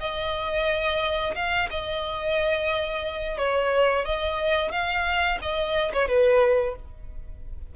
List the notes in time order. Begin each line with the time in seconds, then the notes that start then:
0.00 D#5
1.35 F5
1.70 D#5
3.38 C#5
4.05 D#5
4.72 F5
5.41 D#5
5.93 C#5
6.08 B4